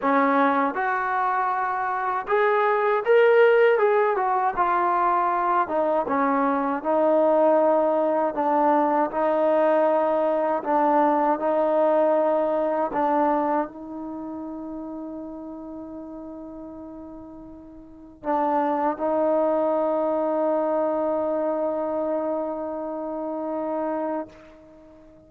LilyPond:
\new Staff \with { instrumentName = "trombone" } { \time 4/4 \tempo 4 = 79 cis'4 fis'2 gis'4 | ais'4 gis'8 fis'8 f'4. dis'8 | cis'4 dis'2 d'4 | dis'2 d'4 dis'4~ |
dis'4 d'4 dis'2~ | dis'1 | d'4 dis'2.~ | dis'1 | }